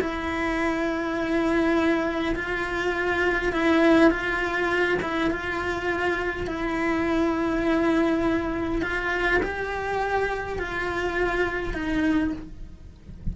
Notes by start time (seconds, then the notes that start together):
0.00 E4
2.36 F4
3.53 E4
4.11 F4
5.02 E4
5.31 F4
6.47 E4
8.82 F4
9.43 G4
10.59 F4
11.74 D#4